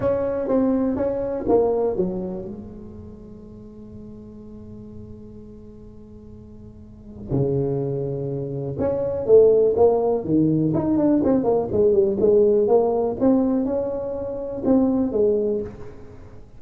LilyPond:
\new Staff \with { instrumentName = "tuba" } { \time 4/4 \tempo 4 = 123 cis'4 c'4 cis'4 ais4 | fis4 gis2.~ | gis1~ | gis2. cis4~ |
cis2 cis'4 a4 | ais4 dis4 dis'8 d'8 c'8 ais8 | gis8 g8 gis4 ais4 c'4 | cis'2 c'4 gis4 | }